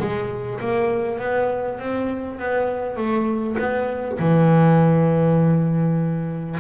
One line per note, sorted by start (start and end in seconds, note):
0.00 0.60 G#3
0.60 1.19 A#3
1.19 1.79 B3
1.79 2.39 C4
2.39 2.97 B3
2.97 3.57 A3
3.58 4.18 B3
4.19 6.59 E3